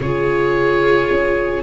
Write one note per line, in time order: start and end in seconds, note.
0.00 1.08 C#3
0.00 1.63 F4
0.00 1.63 G#4
0.00 1.63 C#5
1.10 1.63 C#4